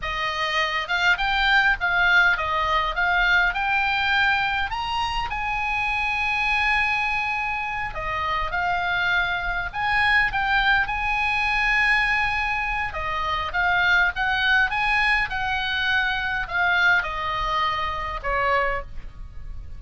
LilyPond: \new Staff \with { instrumentName = "oboe" } { \time 4/4 \tempo 4 = 102 dis''4. f''8 g''4 f''4 | dis''4 f''4 g''2 | ais''4 gis''2.~ | gis''4. dis''4 f''4.~ |
f''8 gis''4 g''4 gis''4.~ | gis''2 dis''4 f''4 | fis''4 gis''4 fis''2 | f''4 dis''2 cis''4 | }